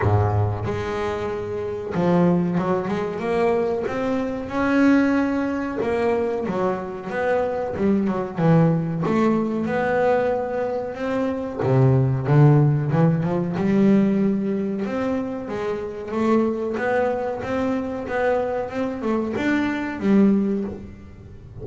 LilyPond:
\new Staff \with { instrumentName = "double bass" } { \time 4/4 \tempo 4 = 93 gis,4 gis2 f4 | fis8 gis8 ais4 c'4 cis'4~ | cis'4 ais4 fis4 b4 | g8 fis8 e4 a4 b4~ |
b4 c'4 c4 d4 | e8 f8 g2 c'4 | gis4 a4 b4 c'4 | b4 c'8 a8 d'4 g4 | }